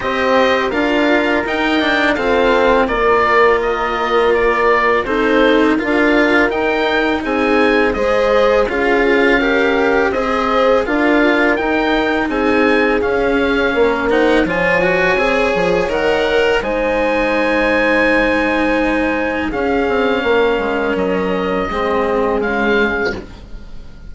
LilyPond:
<<
  \new Staff \with { instrumentName = "oboe" } { \time 4/4 \tempo 4 = 83 dis''4 f''4 g''4 f''4 | d''4 dis''4 d''4 c''4 | f''4 g''4 gis''4 dis''4 | f''2 dis''4 f''4 |
g''4 gis''4 f''4. fis''8 | gis''2 fis''4 gis''4~ | gis''2. f''4~ | f''4 dis''2 f''4 | }
  \new Staff \with { instrumentName = "horn" } { \time 4/4 c''4 ais'2 a'4 | ais'2. a'4 | ais'2 gis'4 c''4 | gis'4 ais'4 c''4 ais'4~ |
ais'4 gis'2 ais'8 c''8 | cis''2. c''4~ | c''2. gis'4 | ais'2 gis'2 | }
  \new Staff \with { instrumentName = "cello" } { \time 4/4 g'4 f'4 dis'8 d'8 c'4 | f'2. dis'4 | f'4 dis'2 gis'4 | f'4 g'4 gis'4 f'4 |
dis'2 cis'4. dis'8 | f'8 fis'8 gis'4 ais'4 dis'4~ | dis'2. cis'4~ | cis'2 c'4 gis4 | }
  \new Staff \with { instrumentName = "bassoon" } { \time 4/4 c'4 d'4 dis'4 f'4 | ais2. c'4 | d'4 dis'4 c'4 gis4 | cis'2 c'4 d'4 |
dis'4 c'4 cis'4 ais4 | f4 c'8 f8 dis4 gis4~ | gis2. cis'8 c'8 | ais8 gis8 fis4 gis4 cis4 | }
>>